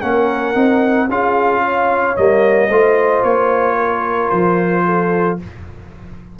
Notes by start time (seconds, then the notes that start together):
0.00 A#3 C#4 A#4 F#5
0.54 C4 D#4
1.08 C#4 F4 G#4 F5
1.61 C#5
2.16 G3 A#3 D#5
2.68 A3 F4 C5
3.23 A#3 C#5
3.77 A#4
4.30 F3 C5
4.85 A4